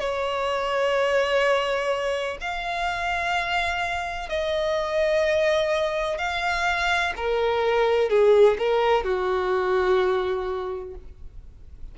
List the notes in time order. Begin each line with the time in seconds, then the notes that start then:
0.00 C#5
2.41 F5
4.30 D#5
6.18 F5
7.17 A#4
8.10 G#4
8.59 A#4
9.05 F#4